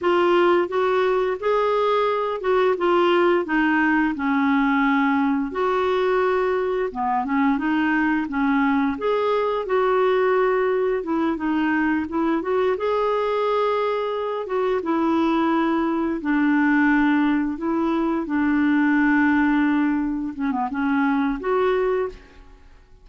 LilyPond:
\new Staff \with { instrumentName = "clarinet" } { \time 4/4 \tempo 4 = 87 f'4 fis'4 gis'4. fis'8 | f'4 dis'4 cis'2 | fis'2 b8 cis'8 dis'4 | cis'4 gis'4 fis'2 |
e'8 dis'4 e'8 fis'8 gis'4.~ | gis'4 fis'8 e'2 d'8~ | d'4. e'4 d'4.~ | d'4. cis'16 b16 cis'4 fis'4 | }